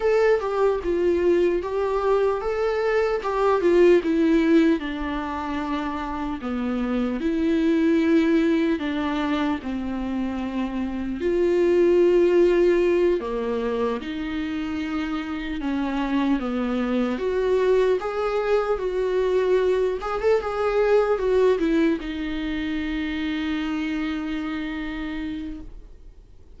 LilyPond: \new Staff \with { instrumentName = "viola" } { \time 4/4 \tempo 4 = 75 a'8 g'8 f'4 g'4 a'4 | g'8 f'8 e'4 d'2 | b4 e'2 d'4 | c'2 f'2~ |
f'8 ais4 dis'2 cis'8~ | cis'8 b4 fis'4 gis'4 fis'8~ | fis'4 gis'16 a'16 gis'4 fis'8 e'8 dis'8~ | dis'1 | }